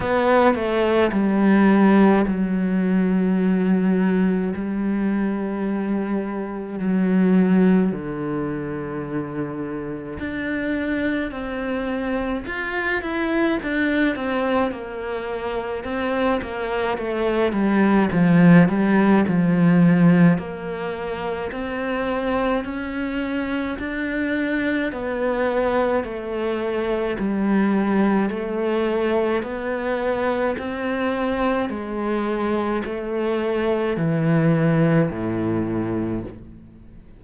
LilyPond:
\new Staff \with { instrumentName = "cello" } { \time 4/4 \tempo 4 = 53 b8 a8 g4 fis2 | g2 fis4 d4~ | d4 d'4 c'4 f'8 e'8 | d'8 c'8 ais4 c'8 ais8 a8 g8 |
f8 g8 f4 ais4 c'4 | cis'4 d'4 b4 a4 | g4 a4 b4 c'4 | gis4 a4 e4 a,4 | }